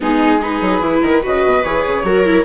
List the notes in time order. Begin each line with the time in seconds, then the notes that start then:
0.00 G#3 B3 D#4 G#4
0.39 D#4 G#4 B4
0.61 F#3
0.81 E3 E4
1.01 D#3 A#4
1.22 C#3 F#4 B4 D#5
1.45 B2
1.63 E3 G#4 C#5
1.86 C#3
2.03 F#3 F#4 A#4
2.25 E4